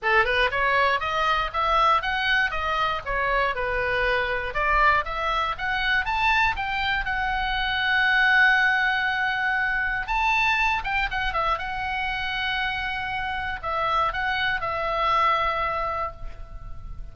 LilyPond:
\new Staff \with { instrumentName = "oboe" } { \time 4/4 \tempo 4 = 119 a'8 b'8 cis''4 dis''4 e''4 | fis''4 dis''4 cis''4 b'4~ | b'4 d''4 e''4 fis''4 | a''4 g''4 fis''2~ |
fis''1 | a''4. g''8 fis''8 e''8 fis''4~ | fis''2. e''4 | fis''4 e''2. | }